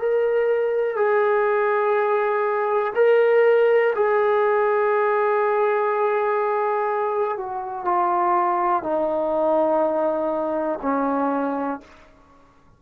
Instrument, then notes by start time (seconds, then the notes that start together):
trombone
0.00 A#4
0.97 G#4
2.96 A#4
3.96 G#4
7.38 F#4
7.85 F4
8.83 D#4
10.82 C#4